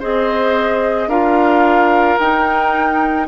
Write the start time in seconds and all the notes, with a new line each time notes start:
0.00 C4 G#4 C5 D#5
1.08 D4 F4 A#4 F5
2.19 D#4 G5